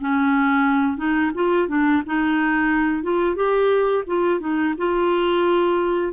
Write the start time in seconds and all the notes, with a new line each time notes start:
0.00 C#4
0.97 D#4
1.34 F4
1.68 D4
2.05 D#4
3.02 F4
3.35 G4
4.07 F4
4.39 D#4
4.77 F4